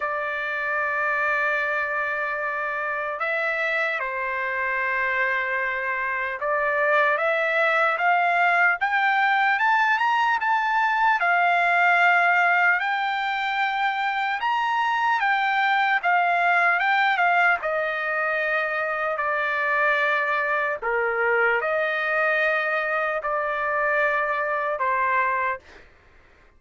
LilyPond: \new Staff \with { instrumentName = "trumpet" } { \time 4/4 \tempo 4 = 75 d''1 | e''4 c''2. | d''4 e''4 f''4 g''4 | a''8 ais''8 a''4 f''2 |
g''2 ais''4 g''4 | f''4 g''8 f''8 dis''2 | d''2 ais'4 dis''4~ | dis''4 d''2 c''4 | }